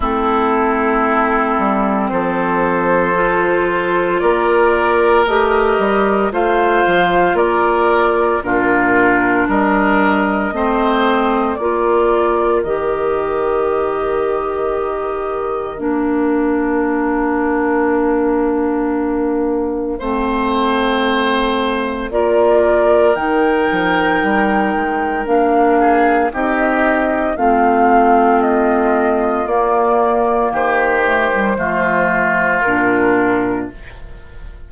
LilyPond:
<<
  \new Staff \with { instrumentName = "flute" } { \time 4/4 \tempo 4 = 57 a'2 c''2 | d''4 dis''4 f''4 d''4 | ais'4 dis''2 d''4 | dis''2. f''4~ |
f''1~ | f''4 d''4 g''2 | f''4 dis''4 f''4 dis''4 | d''4 c''2 ais'4 | }
  \new Staff \with { instrumentName = "oboe" } { \time 4/4 e'2 a'2 | ais'2 c''4 ais'4 | f'4 ais'4 c''4 ais'4~ | ais'1~ |
ais'2. c''4~ | c''4 ais'2.~ | ais'8 gis'8 g'4 f'2~ | f'4 g'4 f'2 | }
  \new Staff \with { instrumentName = "clarinet" } { \time 4/4 c'2. f'4~ | f'4 g'4 f'2 | d'2 c'4 f'4 | g'2. d'4~ |
d'2. c'4~ | c'4 f'4 dis'2 | d'4 dis'4 c'2 | ais4. a16 g16 a4 d'4 | }
  \new Staff \with { instrumentName = "bassoon" } { \time 4/4 a4. g8 f2 | ais4 a8 g8 a8 f8 ais4 | ais,4 g4 a4 ais4 | dis2. ais4~ |
ais2. a4~ | a4 ais4 dis8 f8 g8 gis8 | ais4 c'4 a2 | ais4 dis4 f4 ais,4 | }
>>